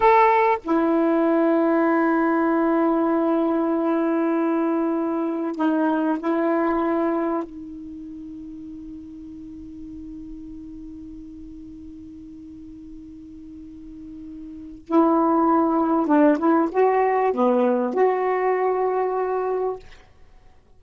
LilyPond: \new Staff \with { instrumentName = "saxophone" } { \time 4/4 \tempo 4 = 97 a'4 e'2.~ | e'1~ | e'4 dis'4 e'2 | dis'1~ |
dis'1~ | dis'1 | e'2 d'8 e'8 fis'4 | b4 fis'2. | }